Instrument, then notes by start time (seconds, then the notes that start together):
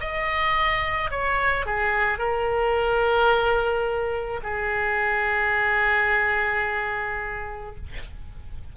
oboe
0.00 D#5
1.11 C#5
1.66 G#4
2.18 A#4
4.43 G#4